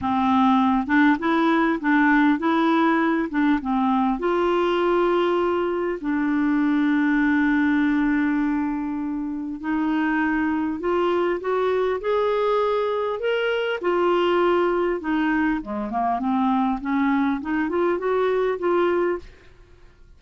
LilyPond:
\new Staff \with { instrumentName = "clarinet" } { \time 4/4 \tempo 4 = 100 c'4. d'8 e'4 d'4 | e'4. d'8 c'4 f'4~ | f'2 d'2~ | d'1 |
dis'2 f'4 fis'4 | gis'2 ais'4 f'4~ | f'4 dis'4 gis8 ais8 c'4 | cis'4 dis'8 f'8 fis'4 f'4 | }